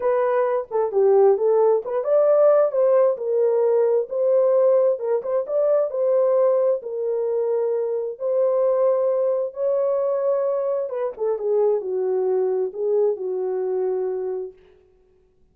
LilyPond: \new Staff \with { instrumentName = "horn" } { \time 4/4 \tempo 4 = 132 b'4. a'8 g'4 a'4 | b'8 d''4. c''4 ais'4~ | ais'4 c''2 ais'8 c''8 | d''4 c''2 ais'4~ |
ais'2 c''2~ | c''4 cis''2. | b'8 a'8 gis'4 fis'2 | gis'4 fis'2. | }